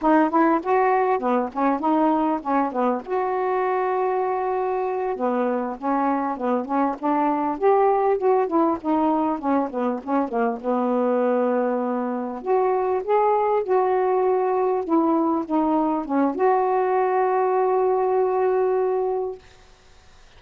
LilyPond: \new Staff \with { instrumentName = "saxophone" } { \time 4/4 \tempo 4 = 99 dis'8 e'8 fis'4 b8 cis'8 dis'4 | cis'8 b8 fis'2.~ | fis'8 b4 cis'4 b8 cis'8 d'8~ | d'8 g'4 fis'8 e'8 dis'4 cis'8 |
b8 cis'8 ais8 b2~ b8~ | b8 fis'4 gis'4 fis'4.~ | fis'8 e'4 dis'4 cis'8 fis'4~ | fis'1 | }